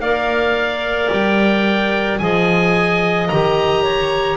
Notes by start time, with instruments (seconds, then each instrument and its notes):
0.00 double bass A#3, clarinet A#4 D5, oboe F5
1.12 double bass G3, oboe G5
2.19 double bass F3, clarinet G#4 D#5, oboe G#5
3.29 double bass D#3, clarinet G4, oboe A#5
3.83 clarinet C#5